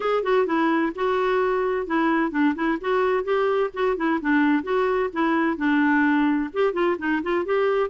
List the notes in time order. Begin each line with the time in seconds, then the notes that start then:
0.00 G#4
0.23 F#4
0.46 E4
0.95 F#4
1.86 E4
2.31 D4
2.55 E4
2.81 F#4
3.24 G4
3.73 F#4
3.96 E4
4.21 D4
4.63 F#4
5.12 E4
5.57 D4
6.53 G4
6.73 F4
6.98 D#4
7.23 F4
7.45 G4